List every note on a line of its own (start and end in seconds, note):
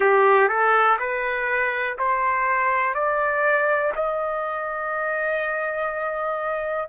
0.00 0.48 G4
0.48 0.97 A4
0.99 1.97 B4
1.98 2.94 C5
2.94 3.92 D5
3.95 6.89 D#5